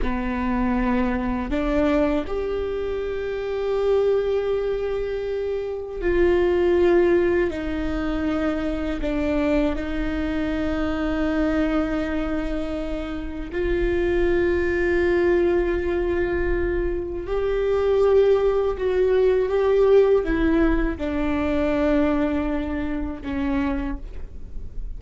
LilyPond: \new Staff \with { instrumentName = "viola" } { \time 4/4 \tempo 4 = 80 b2 d'4 g'4~ | g'1 | f'2 dis'2 | d'4 dis'2.~ |
dis'2 f'2~ | f'2. g'4~ | g'4 fis'4 g'4 e'4 | d'2. cis'4 | }